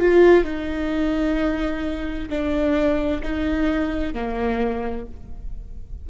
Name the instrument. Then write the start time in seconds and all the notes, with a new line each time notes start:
viola
0.00 F4
0.44 D#4
2.30 D4
3.23 D#4
4.14 A#3